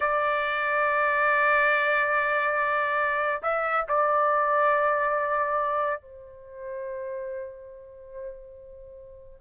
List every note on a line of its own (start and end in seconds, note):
0.00 3.41 D5
3.42 3.85 E5
3.88 6.01 D5
6.01 9.40 C5